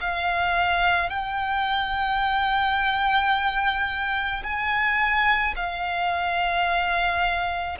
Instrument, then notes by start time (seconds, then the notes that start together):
violin
0.00 F5
1.09 G5
4.43 G#5
5.56 F5